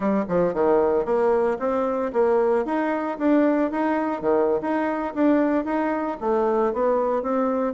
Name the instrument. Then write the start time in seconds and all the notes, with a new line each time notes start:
bassoon
0.00 G3
0.28 F3
0.53 D#3
1.05 A#3
1.59 C4
2.12 A#3
2.65 D#4
3.18 D4
3.71 D#4
4.21 D#3
4.61 D#4
5.14 D4
5.65 D#4
6.20 A3
6.73 B3
7.22 C4